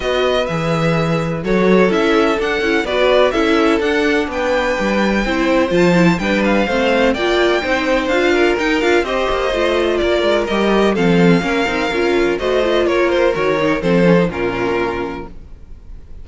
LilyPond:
<<
  \new Staff \with { instrumentName = "violin" } { \time 4/4 \tempo 4 = 126 dis''4 e''2 cis''4 | e''4 fis''4 d''4 e''4 | fis''4 g''2. | a''4 g''8 f''4. g''4~ |
g''4 f''4 g''8 f''8 dis''4~ | dis''4 d''4 dis''4 f''4~ | f''2 dis''4 cis''8 c''8 | cis''4 c''4 ais'2 | }
  \new Staff \with { instrumentName = "violin" } { \time 4/4 b'2. a'4~ | a'2 b'4 a'4~ | a'4 b'2 c''4~ | c''4 b'4 c''4 d''4 |
c''4. ais'4. c''4~ | c''4 ais'2 a'4 | ais'2 c''4 ais'4~ | ais'4 a'4 f'2 | }
  \new Staff \with { instrumentName = "viola" } { \time 4/4 fis'4 gis'2 fis'4 | e'4 d'8 e'8 fis'4 e'4 | d'2. e'4 | f'8 e'8 d'4 c'4 f'4 |
dis'4 f'4 dis'8 f'8 g'4 | f'2 g'4 c'4 | cis'8 dis'8 f'4 fis'8 f'4. | fis'8 dis'8 c'8 cis'16 dis'16 cis'2 | }
  \new Staff \with { instrumentName = "cello" } { \time 4/4 b4 e2 fis4 | cis'4 d'8 cis'8 b4 cis'4 | d'4 b4 g4 c'4 | f4 g4 a4 ais4 |
c'4 d'4 dis'8 d'8 c'8 ais8 | a4 ais8 gis8 g4 f4 | ais8 c'8 cis'4 a4 ais4 | dis4 f4 ais,2 | }
>>